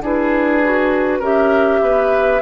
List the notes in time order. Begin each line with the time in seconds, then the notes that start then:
0.00 D4 E4 G#4 B4
0.63 F#4
1.19 C#4 G4 A#4 E5
1.80 B3 B4